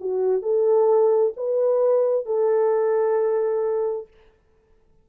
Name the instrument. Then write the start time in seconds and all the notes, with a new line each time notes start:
horn
0.00 F#4
0.42 A4
1.37 B4
2.26 A4